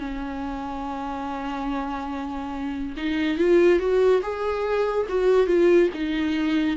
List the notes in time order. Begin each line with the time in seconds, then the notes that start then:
0.00 C#4
2.97 D#4
3.38 F4
3.80 F#4
4.23 G#4
5.09 F#4
5.47 F4
5.95 D#4